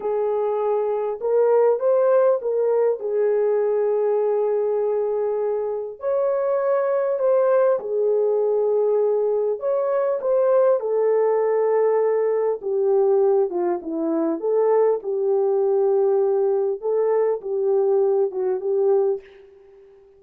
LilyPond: \new Staff \with { instrumentName = "horn" } { \time 4/4 \tempo 4 = 100 gis'2 ais'4 c''4 | ais'4 gis'2.~ | gis'2 cis''2 | c''4 gis'2. |
cis''4 c''4 a'2~ | a'4 g'4. f'8 e'4 | a'4 g'2. | a'4 g'4. fis'8 g'4 | }